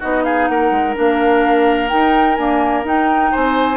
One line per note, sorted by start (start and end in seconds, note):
0.00 0.49 B3
0.00 0.95 D#4
0.00 0.24 F#4
0.00 0.25 D#5
0.25 0.49 G#4
0.25 0.48 F5
0.48 0.72 A#3
0.48 3.32 A#4
0.48 0.95 F#5
0.72 0.95 G#3
0.95 1.93 A#3
0.95 1.90 D4
0.95 1.89 F5
1.89 2.38 D#4
1.89 2.36 G5
2.36 2.86 A#3
2.36 2.85 D4
2.36 2.84 G#5
2.85 3.32 D#4
2.85 3.78 D#4
2.85 3.35 G5
3.32 3.78 C4
3.32 3.78 C5
3.32 3.78 G#5